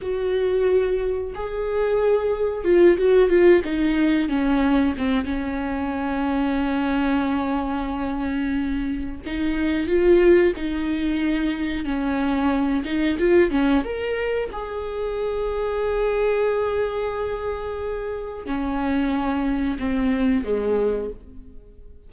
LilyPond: \new Staff \with { instrumentName = "viola" } { \time 4/4 \tempo 4 = 91 fis'2 gis'2 | f'8 fis'8 f'8 dis'4 cis'4 c'8 | cis'1~ | cis'2 dis'4 f'4 |
dis'2 cis'4. dis'8 | f'8 cis'8 ais'4 gis'2~ | gis'1 | cis'2 c'4 gis4 | }